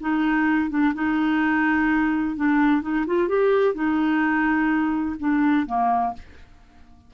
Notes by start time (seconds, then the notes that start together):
0.00 D#4
0.69 D4
0.94 D#4
2.36 D4
2.81 D#4
3.06 F4
3.28 G4
3.74 D#4
5.19 D4
5.66 A#3